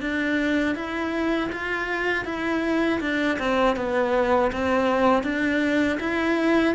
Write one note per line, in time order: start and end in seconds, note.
0.00 0.75 D4
0.75 1.50 E4
1.52 2.25 F4
2.25 3.00 E4
3.00 3.38 D4
3.39 3.76 C4
3.76 4.51 B3
4.52 5.23 C4
5.23 5.98 D4
6.00 6.75 E4